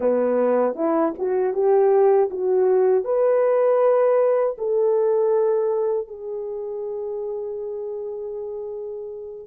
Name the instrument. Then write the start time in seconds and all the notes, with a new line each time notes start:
horn
0.00 B3
0.75 E4
1.18 F#4
1.53 G4
2.30 F#4
3.04 B4
4.58 A4
6.07 G#4